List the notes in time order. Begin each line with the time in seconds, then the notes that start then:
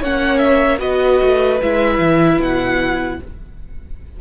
0.00 A#3 C#4 C#5 F#5
0.38 E5
0.78 B3 F#4 B4 D#5
1.22 A3
1.62 G#3 E4 E5
1.99 E3
2.39 B2 F#5